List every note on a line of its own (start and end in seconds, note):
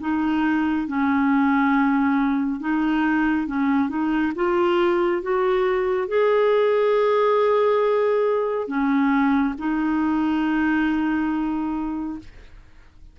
0.00 0.87 D#4
0.87 2.60 C#4
2.60 3.47 D#4
3.47 3.89 C#4
3.89 4.32 D#4
4.36 5.22 F4
5.22 6.08 F#4
6.08 8.67 G#4
8.67 9.54 C#4
9.58 12.19 D#4